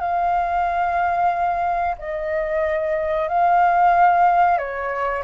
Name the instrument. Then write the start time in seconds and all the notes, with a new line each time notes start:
flute
0.00 F5
1.98 D#5
3.28 F5
4.58 C#5